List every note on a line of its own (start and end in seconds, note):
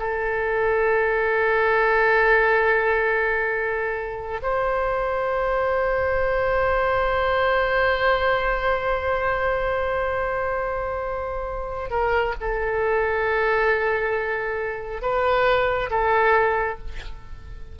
0.00 4.41 A4
4.42 11.91 C5
11.91 12.35 A#4
12.41 15.02 A4
15.02 15.90 B4
15.91 16.79 A4